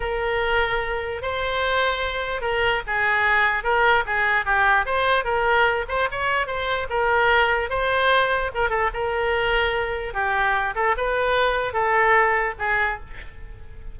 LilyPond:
\new Staff \with { instrumentName = "oboe" } { \time 4/4 \tempo 4 = 148 ais'2. c''4~ | c''2 ais'4 gis'4~ | gis'4 ais'4 gis'4 g'4 | c''4 ais'4. c''8 cis''4 |
c''4 ais'2 c''4~ | c''4 ais'8 a'8 ais'2~ | ais'4 g'4. a'8 b'4~ | b'4 a'2 gis'4 | }